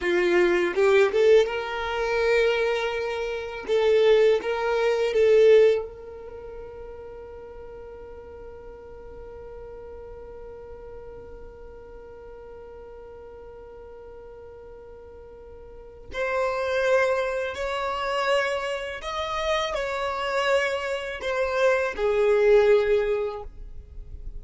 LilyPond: \new Staff \with { instrumentName = "violin" } { \time 4/4 \tempo 4 = 82 f'4 g'8 a'8 ais'2~ | ais'4 a'4 ais'4 a'4 | ais'1~ | ais'1~ |
ais'1~ | ais'2 c''2 | cis''2 dis''4 cis''4~ | cis''4 c''4 gis'2 | }